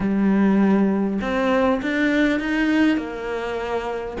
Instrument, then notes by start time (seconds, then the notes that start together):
cello
0.00 G3
1.21 C4
1.82 D4
2.39 D#4
2.97 A#3